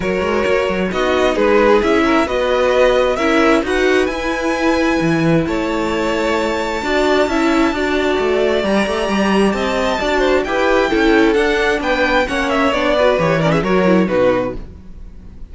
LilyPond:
<<
  \new Staff \with { instrumentName = "violin" } { \time 4/4 \tempo 4 = 132 cis''2 dis''4 b'4 | e''4 dis''2 e''4 | fis''4 gis''2. | a''1~ |
a''2. ais''4~ | ais''4 a''2 g''4~ | g''4 fis''4 g''4 fis''8 e''8 | d''4 cis''8 d''16 e''16 cis''4 b'4 | }
  \new Staff \with { instrumentName = "violin" } { \time 4/4 ais'2 fis'4 gis'4~ | gis'8 ais'8 b'2 ais'4 | b'1 | cis''2. d''4 |
e''4 d''2.~ | d''4 dis''4 d''8 c''8 b'4 | a'2 b'4 cis''4~ | cis''8 b'4 ais'16 gis'16 ais'4 fis'4 | }
  \new Staff \with { instrumentName = "viola" } { \time 4/4 fis'2 dis'2 | e'4 fis'2 e'4 | fis'4 e'2.~ | e'2. fis'4 |
e'4 fis'2 g'4~ | g'2 fis'4 g'4 | e'4 d'2 cis'4 | d'8 fis'8 g'8 cis'8 fis'8 e'8 dis'4 | }
  \new Staff \with { instrumentName = "cello" } { \time 4/4 fis8 gis8 ais8 fis8 b4 gis4 | cis'4 b2 cis'4 | dis'4 e'2 e4 | a2. d'4 |
cis'4 d'4 a4 g8 a8 | g4 c'4 d'4 e'4 | cis'4 d'4 b4 ais4 | b4 e4 fis4 b,4 | }
>>